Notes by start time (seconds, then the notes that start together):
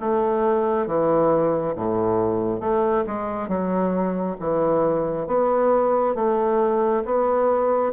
0.00 A3
0.87 E3
1.76 A2
2.61 A3
3.07 G#3
3.49 F#3
4.40 E3
5.27 B3
6.15 A3
7.05 B3